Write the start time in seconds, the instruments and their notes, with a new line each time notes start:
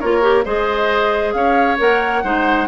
0.00 bassoon A#3, clarinet F4, oboe A#4, flute C#5
0.22 clarinet G4
0.45 bassoon G#3, clarinet G#4, oboe C5, flute D#5
1.33 bassoon C#4, oboe C#5, flute F5
1.78 bassoon A#3, clarinet A#4, flute F#5
2.24 bassoon G#3, clarinet D#4, oboe C5